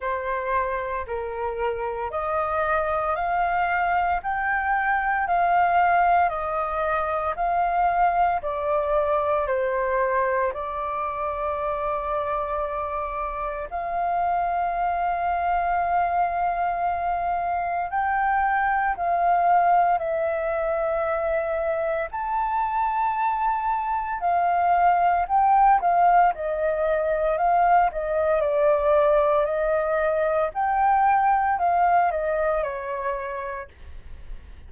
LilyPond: \new Staff \with { instrumentName = "flute" } { \time 4/4 \tempo 4 = 57 c''4 ais'4 dis''4 f''4 | g''4 f''4 dis''4 f''4 | d''4 c''4 d''2~ | d''4 f''2.~ |
f''4 g''4 f''4 e''4~ | e''4 a''2 f''4 | g''8 f''8 dis''4 f''8 dis''8 d''4 | dis''4 g''4 f''8 dis''8 cis''4 | }